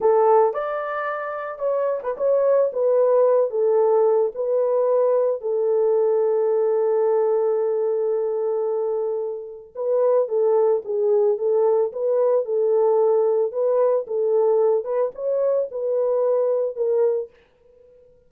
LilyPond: \new Staff \with { instrumentName = "horn" } { \time 4/4 \tempo 4 = 111 a'4 d''2 cis''8. b'16 | cis''4 b'4. a'4. | b'2 a'2~ | a'1~ |
a'2 b'4 a'4 | gis'4 a'4 b'4 a'4~ | a'4 b'4 a'4. b'8 | cis''4 b'2 ais'4 | }